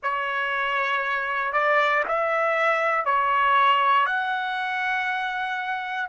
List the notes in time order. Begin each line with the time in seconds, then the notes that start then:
0.02 C#5
1.53 D5
2.08 E5
3.05 C#5
4.06 F#5